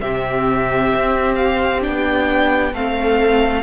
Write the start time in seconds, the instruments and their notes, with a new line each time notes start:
0.00 cello C3, viola C4, violin G4 E5
0.95 cello C4
1.35 violin F5
1.80 cello B3, viola D4, violin G5
2.72 cello A3, viola C4, violin A4 F5